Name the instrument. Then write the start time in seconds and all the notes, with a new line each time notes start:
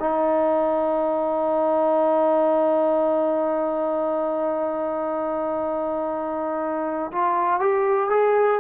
trombone
0.00 D#4
7.12 F4
7.60 G4
8.10 G#4